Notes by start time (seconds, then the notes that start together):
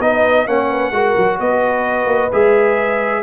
0.00 B3 D#4 B4 D#5
0.45 A#3 C#4 C#5 F#5
0.70 B4
0.91 G#3 F#4 A#4
1.17 F#3
1.39 B3 B4 D#5
2.05 A#3
2.32 G#3 G#4 E5